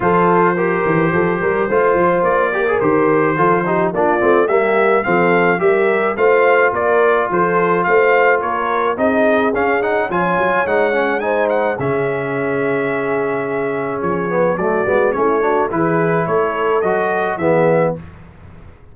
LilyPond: <<
  \new Staff \with { instrumentName = "trumpet" } { \time 4/4 \tempo 4 = 107 c''1 | d''4 c''2 d''4 | e''4 f''4 e''4 f''4 | d''4 c''4 f''4 cis''4 |
dis''4 f''8 fis''8 gis''4 fis''4 | gis''8 fis''8 e''2.~ | e''4 cis''4 d''4 cis''4 | b'4 cis''4 dis''4 e''4 | }
  \new Staff \with { instrumentName = "horn" } { \time 4/4 a'4 ais'4 a'8 ais'8 c''4~ | c''8 ais'4. a'8 g'8 f'4 | g'4 a'4 ais'4 c''4 | ais'4 a'4 c''4 ais'4 |
gis'2 cis''2 | c''4 gis'2.~ | gis'2 fis'4 e'8 fis'8 | gis'4 a'2 gis'4 | }
  \new Staff \with { instrumentName = "trombone" } { \time 4/4 f'4 g'2 f'4~ | f'8 g'16 gis'16 g'4 f'8 dis'8 d'8 c'8 | ais4 c'4 g'4 f'4~ | f'1 |
dis'4 cis'8 dis'8 f'4 dis'8 cis'8 | dis'4 cis'2.~ | cis'4. b8 a8 b8 cis'8 d'8 | e'2 fis'4 b4 | }
  \new Staff \with { instrumentName = "tuba" } { \time 4/4 f4. e8 f8 g8 a8 f8 | ais4 dis4 f4 ais8 a8 | g4 f4 g4 a4 | ais4 f4 a4 ais4 |
c'4 cis'4 f8 fis8 gis4~ | gis4 cis2.~ | cis4 f4 fis8 gis8 a4 | e4 a4 fis4 e4 | }
>>